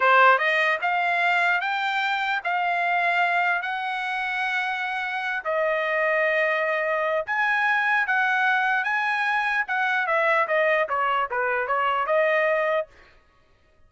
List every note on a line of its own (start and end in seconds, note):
0.00 0.38 C5
0.38 0.78 D#5
0.81 1.60 F5
1.60 2.41 G5
2.44 3.61 F5
3.61 5.43 F#5
5.44 7.25 D#5
7.26 8.06 G#5
8.06 8.84 F#5
8.84 9.64 G#5
9.67 10.07 F#5
10.07 10.47 E5
10.47 10.88 D#5
10.88 11.29 C#5
11.31 11.67 B4
11.67 12.06 C#5
12.06 12.87 D#5